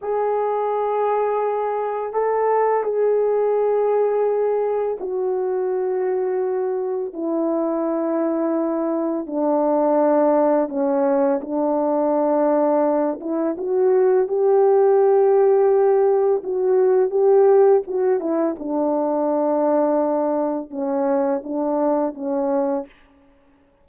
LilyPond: \new Staff \with { instrumentName = "horn" } { \time 4/4 \tempo 4 = 84 gis'2. a'4 | gis'2. fis'4~ | fis'2 e'2~ | e'4 d'2 cis'4 |
d'2~ d'8 e'8 fis'4 | g'2. fis'4 | g'4 fis'8 e'8 d'2~ | d'4 cis'4 d'4 cis'4 | }